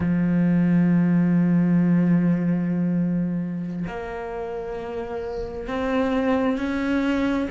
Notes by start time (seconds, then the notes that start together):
0.00 F3
3.87 A#3
5.67 C4
6.57 C#4